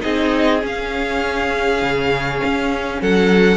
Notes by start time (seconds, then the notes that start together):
0.00 C4 D#4 G#4 D#5
0.62 C#4 F5
1.82 C#3
2.44 C#4
3.01 F#3 A4 F#5